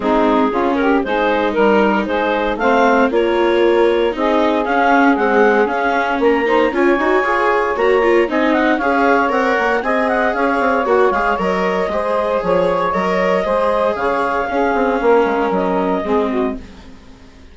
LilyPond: <<
  \new Staff \with { instrumentName = "clarinet" } { \time 4/4 \tempo 4 = 116 gis'4. ais'8 c''4 ais'4 | c''4 f''4 cis''2 | dis''4 f''4 fis''4 f''4 | ais''4 gis''2 ais''4 |
gis''8 fis''8 f''4 fis''4 gis''8 fis''8 | f''4 fis''8 f''8 dis''2 | cis''4 dis''2 f''4~ | f''2 dis''2 | }
  \new Staff \with { instrumentName = "saxophone" } { \time 4/4 dis'4 f'8 g'8 gis'4 ais'4 | gis'4 c''4 ais'2 | gis'1 | ais'8 c''8 cis''2. |
dis''4 cis''2 dis''4 | cis''2. c''4 | cis''2 c''4 cis''4 | gis'4 ais'2 gis'8 fis'8 | }
  \new Staff \with { instrumentName = "viola" } { \time 4/4 c'4 cis'4 dis'2~ | dis'4 c'4 f'2 | dis'4 cis'4 gis4 cis'4~ | cis'8 dis'8 f'8 fis'8 gis'4 fis'8 f'8 |
dis'4 gis'4 ais'4 gis'4~ | gis'4 fis'8 gis'8 ais'4 gis'4~ | gis'4 ais'4 gis'2 | cis'2. c'4 | }
  \new Staff \with { instrumentName = "bassoon" } { \time 4/4 gis4 cis4 gis4 g4 | gis4 a4 ais2 | c'4 cis'4 c'4 cis'4 | ais4 cis'8 dis'8 f'4 ais4 |
c'4 cis'4 c'8 ais8 c'4 | cis'8 c'8 ais8 gis8 fis4 gis4 | f4 fis4 gis4 cis4 | cis'8 c'8 ais8 gis8 fis4 gis4 | }
>>